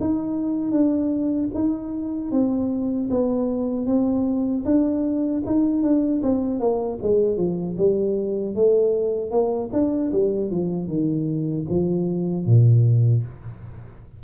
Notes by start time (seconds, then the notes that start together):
0.00 D#4
0.71 D4
1.54 D#4
2.31 C4
3.10 B3
3.86 C4
4.65 D4
5.45 D#4
5.82 D4
6.22 C4
6.60 A#3
7.02 G#3
7.37 F3
7.77 G3
8.55 A3
9.31 A#3
9.72 D4
10.12 G3
10.50 F3
10.87 D#3
11.69 F3
12.45 A#2